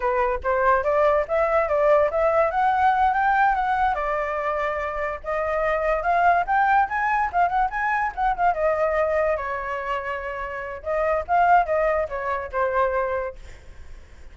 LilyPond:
\new Staff \with { instrumentName = "flute" } { \time 4/4 \tempo 4 = 144 b'4 c''4 d''4 e''4 | d''4 e''4 fis''4. g''8~ | g''8 fis''4 d''2~ d''8~ | d''8 dis''2 f''4 g''8~ |
g''8 gis''4 f''8 fis''8 gis''4 fis''8 | f''8 dis''2 cis''4.~ | cis''2 dis''4 f''4 | dis''4 cis''4 c''2 | }